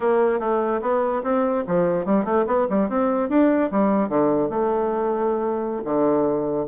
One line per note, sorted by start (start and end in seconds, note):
0.00 0.39 A#3
0.39 0.81 A3
0.81 1.22 B3
1.23 1.64 C4
1.67 2.05 F3
2.05 2.24 G3
2.24 2.45 A3
2.46 2.67 B3
2.69 2.89 G3
2.89 3.29 C4
3.29 3.70 D4
3.71 4.08 G3
4.08 4.49 D3
4.49 5.83 A3
5.84 6.66 D3